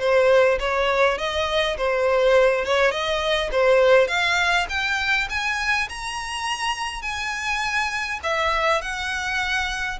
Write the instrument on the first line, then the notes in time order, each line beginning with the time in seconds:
violin
0.00 C5
0.60 C#5
1.18 D#5
1.78 C5
2.66 C#5
2.92 D#5
3.52 C5
4.08 F5
4.70 G5
5.30 G#5
5.90 A#5
7.02 G#5
8.24 E5
8.82 F#5